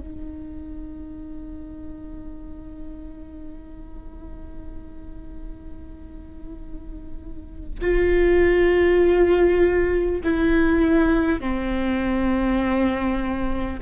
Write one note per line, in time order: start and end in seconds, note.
0.00 7.80 D#4
7.82 10.22 F4
10.24 11.41 E4
11.41 13.81 C4